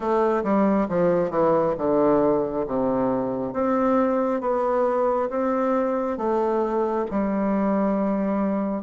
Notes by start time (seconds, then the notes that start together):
0.00 A3
0.43 G3
0.88 F3
1.30 E3
1.77 D3
2.66 C3
3.53 C4
4.40 B3
5.29 C4
6.17 A3
7.10 G3